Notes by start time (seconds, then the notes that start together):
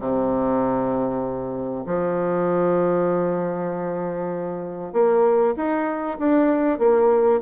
0.00 C3
1.86 F3
4.93 A#3
5.57 D#4
6.19 D4
6.79 A#3